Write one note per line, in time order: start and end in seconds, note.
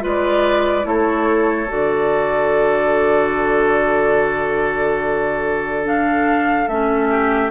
0.00 0.84 G#3
0.00 0.83 F4
0.00 0.86 B4
0.07 0.87 D5
0.83 1.68 A3
0.83 1.66 E4
0.83 7.09 A4
0.83 1.70 C#5
1.68 6.67 D3
1.68 5.85 F#4
1.68 5.87 D5
5.85 6.68 D4
5.85 6.68 F5
6.67 7.51 A3
6.67 7.51 C#4
6.67 7.51 E5
7.09 7.51 G4